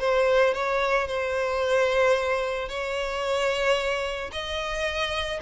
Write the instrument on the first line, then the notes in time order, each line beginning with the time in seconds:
violin
0.00 C5
0.54 C#5
1.08 C5
2.69 C#5
4.32 D#5